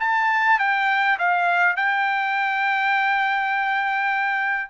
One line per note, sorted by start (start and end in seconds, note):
0.00 0.59 A5
0.59 1.18 G5
1.18 1.76 F5
1.76 4.70 G5